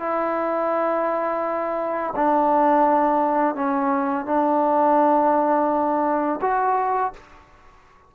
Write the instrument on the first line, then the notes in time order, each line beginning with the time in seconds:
trombone
0.00 E4
2.16 D4
3.56 C#4
4.26 D4
6.42 F#4